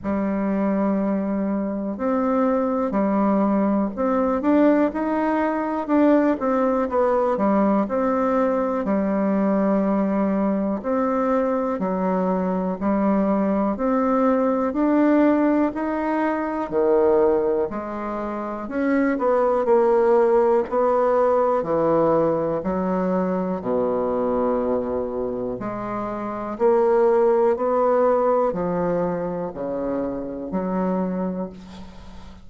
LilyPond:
\new Staff \with { instrumentName = "bassoon" } { \time 4/4 \tempo 4 = 61 g2 c'4 g4 | c'8 d'8 dis'4 d'8 c'8 b8 g8 | c'4 g2 c'4 | fis4 g4 c'4 d'4 |
dis'4 dis4 gis4 cis'8 b8 | ais4 b4 e4 fis4 | b,2 gis4 ais4 | b4 f4 cis4 fis4 | }